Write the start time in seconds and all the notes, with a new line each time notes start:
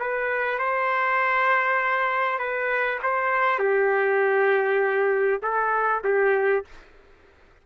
0.00 B4
0.59 C5
2.39 B4
3.03 C5
3.59 G4
5.42 A4
6.04 G4